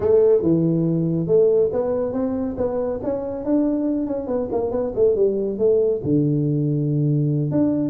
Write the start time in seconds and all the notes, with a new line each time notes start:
0.00 A3
0.42 E3
1.27 A3
1.72 B3
2.12 C4
2.57 B3
3.03 C#4
3.44 D4
4.06 C#4
4.27 B3
4.51 A#3
4.71 B3
4.95 A3
5.15 G3
5.58 A3
6.03 D3
7.51 D4